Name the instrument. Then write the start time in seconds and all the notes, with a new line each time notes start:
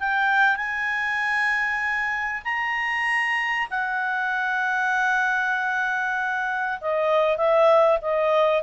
clarinet
0.00 G5
0.57 G#5
2.45 A#5
3.71 F#5
6.81 D#5
7.37 E5
8.02 D#5